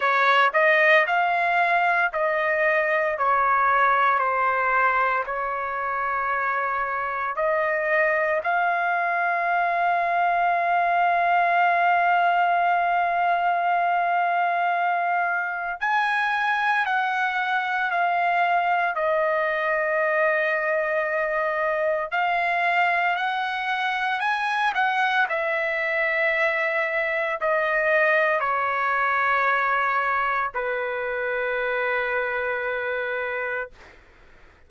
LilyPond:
\new Staff \with { instrumentName = "trumpet" } { \time 4/4 \tempo 4 = 57 cis''8 dis''8 f''4 dis''4 cis''4 | c''4 cis''2 dis''4 | f''1~ | f''2. gis''4 |
fis''4 f''4 dis''2~ | dis''4 f''4 fis''4 gis''8 fis''8 | e''2 dis''4 cis''4~ | cis''4 b'2. | }